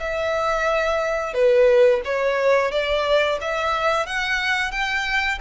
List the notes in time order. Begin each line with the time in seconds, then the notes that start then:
0.00 E5
1.34 B4
2.05 C#5
2.72 D5
3.41 E5
4.07 F#5
4.72 G5